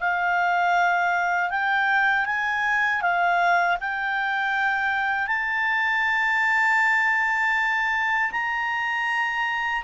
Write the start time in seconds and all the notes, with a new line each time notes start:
0.00 F5
1.50 G5
2.26 G#5
3.01 F5
3.80 G5
5.27 A5
8.31 A#5